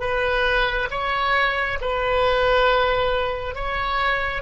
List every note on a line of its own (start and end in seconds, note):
0.00 0.88 B4
0.90 1.78 C#5
1.81 3.55 B4
3.55 4.42 C#5